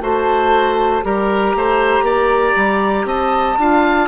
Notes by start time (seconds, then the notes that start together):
0.00 A3 F#4 C5 A5
1.02 G3 G4 A#4 A#5
1.55 A3 C5
2.02 A#3 D5
2.56 G3
3.04 C4 D#5 A5
3.58 D4 F4 F5